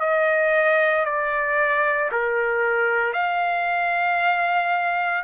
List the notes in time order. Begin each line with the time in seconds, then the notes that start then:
0.00 D#5
1.05 D5
2.12 A#4
3.13 F5